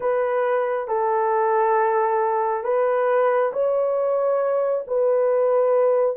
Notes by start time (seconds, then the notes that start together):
0.00 B4
0.87 A4
2.63 B4
3.52 C#5
4.87 B4